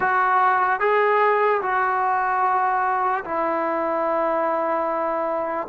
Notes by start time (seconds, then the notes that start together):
0.00 F#4
0.80 G#4
1.61 F#4
3.24 E4